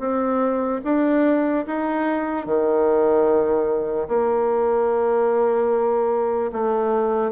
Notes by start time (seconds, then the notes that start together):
0.00 C4
0.85 D4
1.67 D#4
2.46 D#3
4.09 A#3
6.53 A3